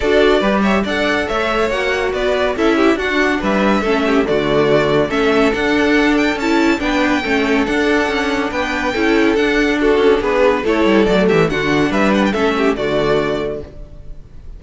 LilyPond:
<<
  \new Staff \with { instrumentName = "violin" } { \time 4/4 \tempo 4 = 141 d''4. e''8 fis''4 e''4 | fis''4 d''4 e''4 fis''4 | e''2 d''2 | e''4 fis''4. g''8 a''4 |
g''2 fis''2 | g''2 fis''4 a'4 | b'4 cis''4 d''8 e''8 fis''4 | e''8 fis''16 g''16 e''4 d''2 | }
  \new Staff \with { instrumentName = "violin" } { \time 4/4 a'4 b'8 cis''8 d''4 cis''4~ | cis''4 b'4 a'8 g'8 fis'4 | b'4 a'8 g'8 fis'2 | a'1 |
b'4 a'2. | b'4 a'2 fis'4 | gis'4 a'4. g'8 fis'4 | b'4 a'8 g'8 fis'2 | }
  \new Staff \with { instrumentName = "viola" } { \time 4/4 fis'4 g'4 a'2 | fis'2 e'4 d'4~ | d'4 cis'4 a2 | cis'4 d'2 e'4 |
d'4 cis'4 d'2~ | d'4 e'4 d'2~ | d'4 e'4 a4 d'4~ | d'4 cis'4 a2 | }
  \new Staff \with { instrumentName = "cello" } { \time 4/4 d'4 g4 d'4 a4 | ais4 b4 cis'4 d'4 | g4 a4 d2 | a4 d'2 cis'4 |
b4 a4 d'4 cis'4 | b4 cis'4 d'4. cis'8 | b4 a8 g8 fis8 e8 d4 | g4 a4 d2 | }
>>